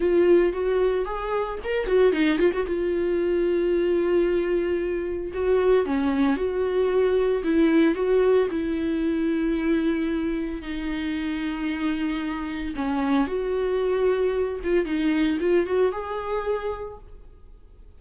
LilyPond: \new Staff \with { instrumentName = "viola" } { \time 4/4 \tempo 4 = 113 f'4 fis'4 gis'4 ais'8 fis'8 | dis'8 f'16 fis'16 f'2.~ | f'2 fis'4 cis'4 | fis'2 e'4 fis'4 |
e'1 | dis'1 | cis'4 fis'2~ fis'8 f'8 | dis'4 f'8 fis'8 gis'2 | }